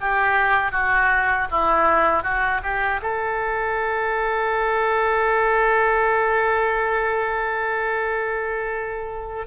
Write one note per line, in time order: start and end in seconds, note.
0.00 0.71 G4
0.71 1.47 F#4
1.51 2.23 E4
2.23 2.61 F#4
2.63 3.01 G4
3.02 9.47 A4